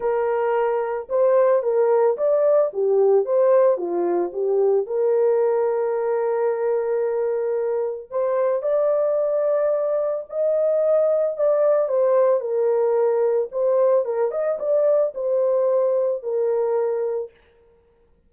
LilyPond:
\new Staff \with { instrumentName = "horn" } { \time 4/4 \tempo 4 = 111 ais'2 c''4 ais'4 | d''4 g'4 c''4 f'4 | g'4 ais'2.~ | ais'2. c''4 |
d''2. dis''4~ | dis''4 d''4 c''4 ais'4~ | ais'4 c''4 ais'8 dis''8 d''4 | c''2 ais'2 | }